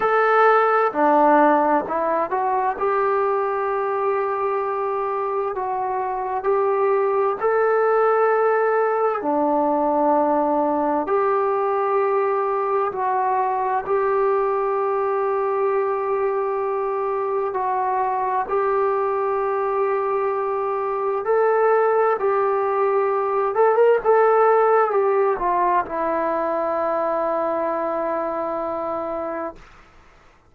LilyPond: \new Staff \with { instrumentName = "trombone" } { \time 4/4 \tempo 4 = 65 a'4 d'4 e'8 fis'8 g'4~ | g'2 fis'4 g'4 | a'2 d'2 | g'2 fis'4 g'4~ |
g'2. fis'4 | g'2. a'4 | g'4. a'16 ais'16 a'4 g'8 f'8 | e'1 | }